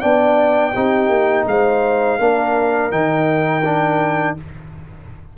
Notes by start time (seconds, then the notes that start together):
0.00 B3 D4 D5 G5
0.73 C4 D#4 G4
1.08 A#3
1.46 G#3 C5 F5
2.18 A#3 D4 A#4
2.91 D#3 D#4 G5
3.64 D4